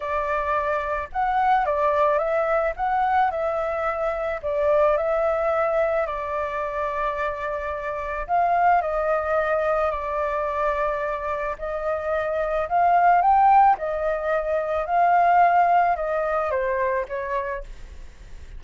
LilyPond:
\new Staff \with { instrumentName = "flute" } { \time 4/4 \tempo 4 = 109 d''2 fis''4 d''4 | e''4 fis''4 e''2 | d''4 e''2 d''4~ | d''2. f''4 |
dis''2 d''2~ | d''4 dis''2 f''4 | g''4 dis''2 f''4~ | f''4 dis''4 c''4 cis''4 | }